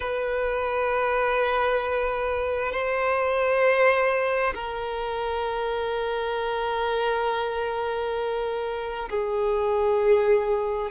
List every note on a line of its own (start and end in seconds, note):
0.00 2.71 B4
2.71 4.53 C5
4.54 9.09 A#4
9.09 10.90 G#4